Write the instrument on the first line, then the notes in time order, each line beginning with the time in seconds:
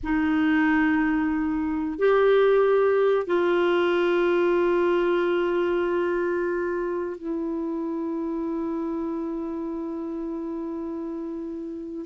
clarinet
0.03 D#4
1.99 G4
3.26 F4
7.17 E4